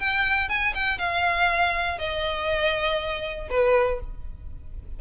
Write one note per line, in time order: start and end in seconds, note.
0.00 0.49 G5
0.49 0.74 G#5
0.75 0.99 G5
0.99 1.99 F5
1.99 3.49 D#5
3.50 4.00 B4